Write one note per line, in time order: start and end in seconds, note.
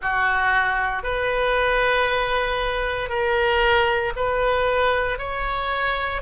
0.01 1.03 F#4
1.03 3.09 B4
3.09 4.12 A#4
4.16 5.18 B4
5.18 6.21 C#5